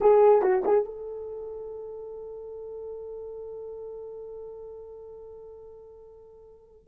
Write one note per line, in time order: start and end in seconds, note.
0.00 0.42 G#4
0.42 0.62 F#4
0.64 0.84 G#4
0.84 6.87 A4